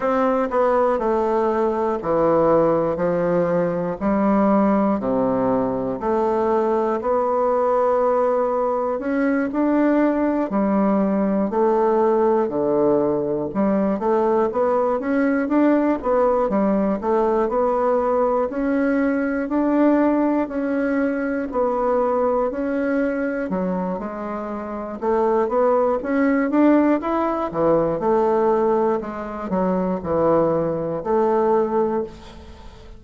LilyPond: \new Staff \with { instrumentName = "bassoon" } { \time 4/4 \tempo 4 = 60 c'8 b8 a4 e4 f4 | g4 c4 a4 b4~ | b4 cis'8 d'4 g4 a8~ | a8 d4 g8 a8 b8 cis'8 d'8 |
b8 g8 a8 b4 cis'4 d'8~ | d'8 cis'4 b4 cis'4 fis8 | gis4 a8 b8 cis'8 d'8 e'8 e8 | a4 gis8 fis8 e4 a4 | }